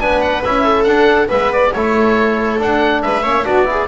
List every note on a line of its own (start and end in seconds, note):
0.00 0.44 B3
0.00 0.43 D4
0.00 0.65 B4
0.00 0.21 G#5
0.21 0.43 F#5
0.45 0.86 C#4
0.45 0.87 E4
0.45 0.84 E5
0.65 1.29 A4
0.84 1.29 D4
0.84 1.28 D4
0.84 1.27 F#5
1.28 1.75 G#3
1.28 1.71 B3
1.28 1.72 B4
1.28 1.52 E5
1.53 1.74 D5
1.74 2.61 A3
1.74 2.59 E4
1.74 3.04 A4
1.74 2.60 C#5
2.59 3.23 D4
2.59 3.03 D4
2.59 3.03 F#5
3.03 3.24 G#3
3.03 3.23 B4
3.03 3.46 E5
3.23 3.45 A#3
3.23 3.44 C#4
3.23 3.45 C#5
3.44 3.88 B3
3.44 3.65 D4
3.44 3.67 F#4
3.44 3.88 D5
3.65 3.87 E4
3.65 3.88 G#4